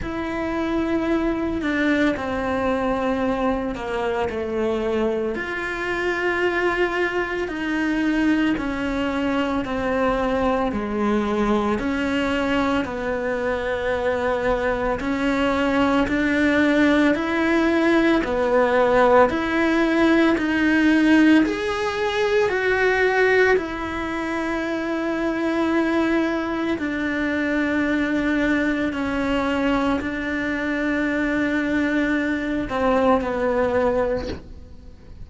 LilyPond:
\new Staff \with { instrumentName = "cello" } { \time 4/4 \tempo 4 = 56 e'4. d'8 c'4. ais8 | a4 f'2 dis'4 | cis'4 c'4 gis4 cis'4 | b2 cis'4 d'4 |
e'4 b4 e'4 dis'4 | gis'4 fis'4 e'2~ | e'4 d'2 cis'4 | d'2~ d'8 c'8 b4 | }